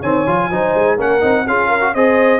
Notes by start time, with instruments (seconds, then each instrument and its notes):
0.00 tuba D#3, trombone C4, horn C#5, trumpet G#5
0.26 tuba F3, trombone F4
0.50 tuba F#3, trombone D#4, horn C5
0.74 tuba G#3
0.96 tuba A#3, trombone C#4, horn A#4, trumpet F#5
1.21 tuba C4, trombone D#4
1.47 tuba C#4, trombone F4, horn G#4, trumpet F5
1.68 horn A#4
1.80 trombone F#4
1.94 tuba C4, trombone G#4, horn C5, trumpet D#5